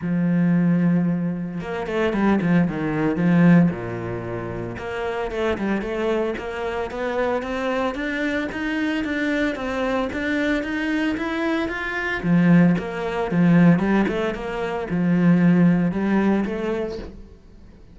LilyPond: \new Staff \with { instrumentName = "cello" } { \time 4/4 \tempo 4 = 113 f2. ais8 a8 | g8 f8 dis4 f4 ais,4~ | ais,4 ais4 a8 g8 a4 | ais4 b4 c'4 d'4 |
dis'4 d'4 c'4 d'4 | dis'4 e'4 f'4 f4 | ais4 f4 g8 a8 ais4 | f2 g4 a4 | }